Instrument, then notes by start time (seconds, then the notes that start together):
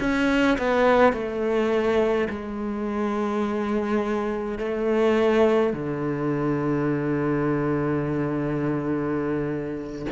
cello
0.00 C#4
0.58 B3
1.13 A3
2.30 G#3
4.58 A3
5.73 D3